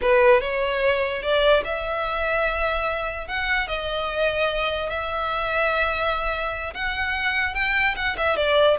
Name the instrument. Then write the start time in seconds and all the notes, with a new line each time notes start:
violin
0.01 B4
0.41 C#5
1.22 D5
1.64 E5
3.27 F#5
3.67 D#5
4.89 E5
6.74 F#5
7.54 G5
7.96 F#5
8.17 E5
8.36 D5